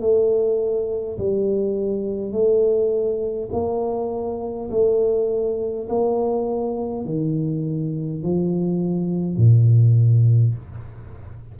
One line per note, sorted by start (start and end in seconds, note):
0.00 1.18 A3
1.18 2.32 G3
2.32 3.49 A3
3.52 4.70 A#3
4.70 5.88 A3
5.89 7.05 A#3
7.05 8.22 D#3
8.22 9.36 F3
9.36 10.54 A#2